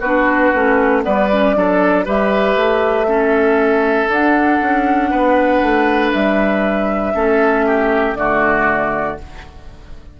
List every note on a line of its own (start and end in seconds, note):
0.00 0.51 B3
0.00 0.54 D4
0.00 1.02 F#4
0.00 1.02 B4
0.54 1.05 A3
0.54 1.03 C#4
1.03 1.56 G3
1.03 1.28 B3
1.03 1.56 B4
1.03 2.06 D5
1.32 1.55 C#4
1.55 2.06 F#3
1.55 2.05 D4
1.55 2.05 A4
2.05 2.56 G3
2.05 3.07 G4
2.05 3.07 B4
2.05 4.09 E5
2.56 4.07 A3
3.07 4.08 C#4
3.07 5.10 A4
4.07 4.58 D4
4.07 7.14 D4
4.07 6.12 F#5
4.61 5.12 C#4
5.10 5.62 B3
5.10 7.13 B4
5.62 6.12 A3
6.12 7.14 G3
6.12 8.15 E5
7.14 8.15 A3
7.14 8.16 C#4
7.14 7.65 A4
7.66 8.17 G4
8.15 9.17 D3
8.15 9.18 A3
8.15 9.20 F#4
8.15 9.17 D5